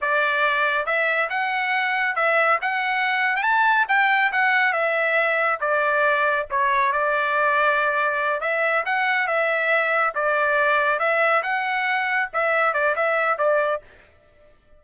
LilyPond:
\new Staff \with { instrumentName = "trumpet" } { \time 4/4 \tempo 4 = 139 d''2 e''4 fis''4~ | fis''4 e''4 fis''4.~ fis''16 g''16 | a''4 g''4 fis''4 e''4~ | e''4 d''2 cis''4 |
d''2.~ d''8 e''8~ | e''8 fis''4 e''2 d''8~ | d''4. e''4 fis''4.~ | fis''8 e''4 d''8 e''4 d''4 | }